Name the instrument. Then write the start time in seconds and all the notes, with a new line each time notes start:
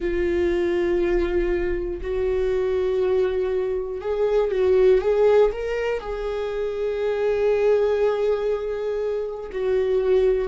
viola
0.00 F4
2.01 F#4
4.01 G#4
4.50 F#4
5.01 G#4
5.51 A#4
6.00 G#4
9.52 F#4